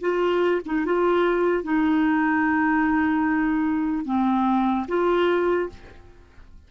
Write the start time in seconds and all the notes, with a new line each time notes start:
0.00 F4
0.66 D#4
0.85 F4
1.63 D#4
4.05 C4
4.88 F4